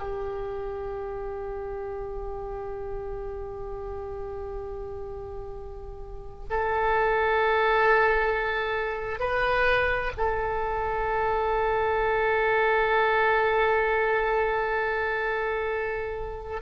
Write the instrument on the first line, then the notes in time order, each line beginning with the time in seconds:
oboe
0.00 G4
6.51 A4
9.20 B4
10.18 A4